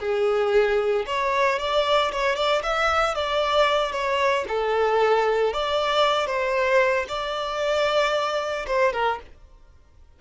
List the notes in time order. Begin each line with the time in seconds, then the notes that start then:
0.00 G#4
1.07 C#5
1.59 D5
2.12 C#5
2.36 D5
2.63 E5
3.15 D5
3.92 C#5
4.48 A4
5.53 D5
6.27 C5
7.08 D5
8.67 C5
8.93 A#4